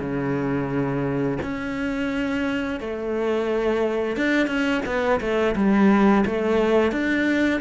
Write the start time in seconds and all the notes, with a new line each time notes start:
0.00 C#3
1.42 C#4
2.80 A3
4.17 D4
4.47 C#4
4.86 B3
5.20 A3
5.55 G3
6.26 A3
6.92 D4